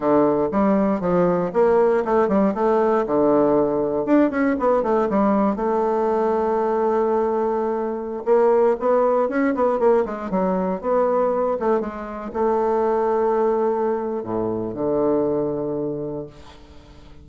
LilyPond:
\new Staff \with { instrumentName = "bassoon" } { \time 4/4 \tempo 4 = 118 d4 g4 f4 ais4 | a8 g8 a4 d2 | d'8 cis'8 b8 a8 g4 a4~ | a1~ |
a16 ais4 b4 cis'8 b8 ais8 gis16~ | gis16 fis4 b4. a8 gis8.~ | gis16 a2.~ a8. | a,4 d2. | }